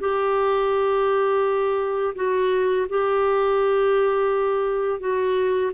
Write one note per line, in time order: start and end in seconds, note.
0.00 2.14 G4
2.15 2.87 F#4
2.89 5.00 G4
5.00 5.72 F#4